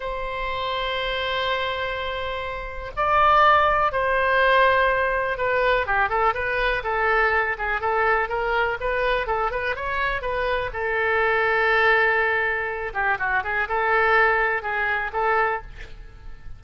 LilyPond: \new Staff \with { instrumentName = "oboe" } { \time 4/4 \tempo 4 = 123 c''1~ | c''2 d''2 | c''2. b'4 | g'8 a'8 b'4 a'4. gis'8 |
a'4 ais'4 b'4 a'8 b'8 | cis''4 b'4 a'2~ | a'2~ a'8 g'8 fis'8 gis'8 | a'2 gis'4 a'4 | }